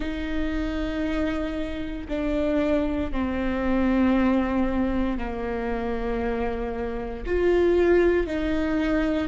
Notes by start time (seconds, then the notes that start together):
0.00 D#4
2.08 D4
3.11 C4
5.18 A#3
7.26 F4
8.26 D#4